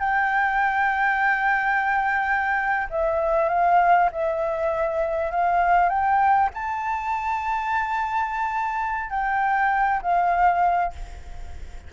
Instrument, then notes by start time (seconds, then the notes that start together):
flute
0.00 G5
2.91 E5
3.49 F5
4.12 E5
5.32 F5
5.90 G5
6.55 A5
9.10 G5
10.02 F5